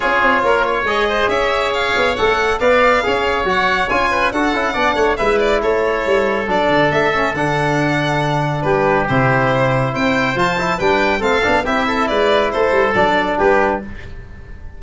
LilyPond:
<<
  \new Staff \with { instrumentName = "violin" } { \time 4/4 \tempo 4 = 139 cis''2 dis''4 e''4 | f''4 fis''4 f''2 | fis''4 gis''4 fis''2 | e''8 d''8 cis''2 d''4 |
e''4 fis''2. | b'4 c''2 g''4 | a''4 g''4 f''4 e''4 | d''4 c''4 d''4 b'4 | }
  \new Staff \with { instrumentName = "oboe" } { \time 4/4 gis'4 ais'8 cis''4 c''8 cis''4~ | cis''2 d''4 cis''4~ | cis''4. b'8 a'4 d''8 cis''8 | b'4 a'2.~ |
a'1 | g'2. c''4~ | c''4 b'4 a'4 g'8 a'8 | b'4 a'2 g'4 | }
  \new Staff \with { instrumentName = "trombone" } { \time 4/4 f'2 gis'2~ | gis'4 a'4 b'4 gis'4 | fis'4 f'4 fis'8 e'8 d'4 | e'2. d'4~ |
d'8 cis'8 d'2.~ | d'4 e'2. | f'8 e'8 d'4 c'8 d'8 e'4~ | e'2 d'2 | }
  \new Staff \with { instrumentName = "tuba" } { \time 4/4 cis'8 c'8 ais4 gis4 cis'4~ | cis'8 b8 a4 b4 cis'4 | fis4 cis'4 d'8 cis'8 b8 a8 | gis4 a4 g4 fis8 d8 |
a4 d2. | g4 c2 c'4 | f4 g4 a8 b8 c'4 | gis4 a8 g8 fis4 g4 | }
>>